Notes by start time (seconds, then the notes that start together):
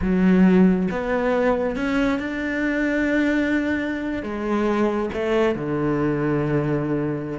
0.01 F#3
0.91 B3
1.76 C#4
2.19 D4
4.22 G#3
5.13 A3
5.55 D3